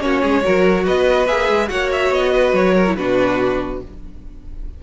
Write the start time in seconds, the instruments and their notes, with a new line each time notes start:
0.00 cello A#3, viola C#4, violin F#4 C#5
0.22 cello G#3, violin G#4
0.42 cello F#3, viola F#4, violin A#4
0.83 cello B3, violin B4 D#5
1.26 cello A#3, viola G#4, violin E5
1.49 cello G#3
1.68 cello A#3, viola F#4, violin C#5 F#5
1.92 violin E5
2.10 cello B3, violin D#5
2.32 violin B4
2.52 cello F#3, violin C#5
2.74 violin A#4
2.87 viola E4
2.96 cello B2, viola D4, violin F#4 B4